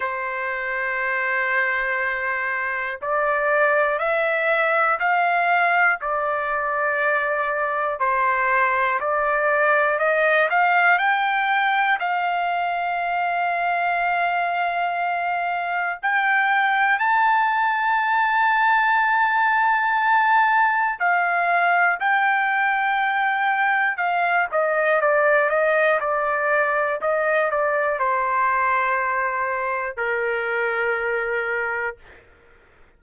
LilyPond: \new Staff \with { instrumentName = "trumpet" } { \time 4/4 \tempo 4 = 60 c''2. d''4 | e''4 f''4 d''2 | c''4 d''4 dis''8 f''8 g''4 | f''1 |
g''4 a''2.~ | a''4 f''4 g''2 | f''8 dis''8 d''8 dis''8 d''4 dis''8 d''8 | c''2 ais'2 | }